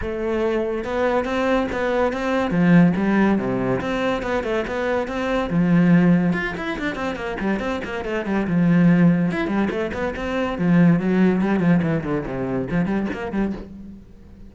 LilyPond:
\new Staff \with { instrumentName = "cello" } { \time 4/4 \tempo 4 = 142 a2 b4 c'4 | b4 c'4 f4 g4 | c4 c'4 b8 a8 b4 | c'4 f2 f'8 e'8 |
d'8 c'8 ais8 g8 c'8 ais8 a8 g8 | f2 e'8 g8 a8 b8 | c'4 f4 fis4 g8 f8 | e8 d8 c4 f8 g8 ais8 g8 | }